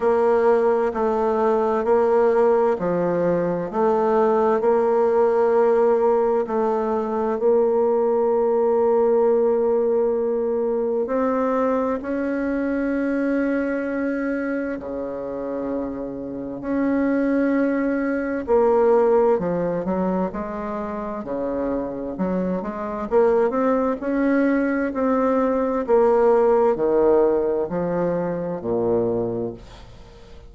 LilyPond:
\new Staff \with { instrumentName = "bassoon" } { \time 4/4 \tempo 4 = 65 ais4 a4 ais4 f4 | a4 ais2 a4 | ais1 | c'4 cis'2. |
cis2 cis'2 | ais4 f8 fis8 gis4 cis4 | fis8 gis8 ais8 c'8 cis'4 c'4 | ais4 dis4 f4 ais,4 | }